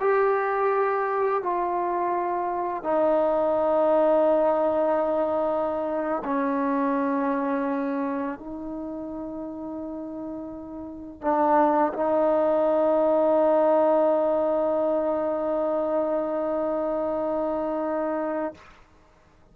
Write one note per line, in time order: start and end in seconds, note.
0.00 1.42 G4
1.42 2.83 F4
2.83 6.22 D#4
6.24 8.38 C#4
8.38 11.21 D#4
11.21 11.93 D4
11.93 18.54 D#4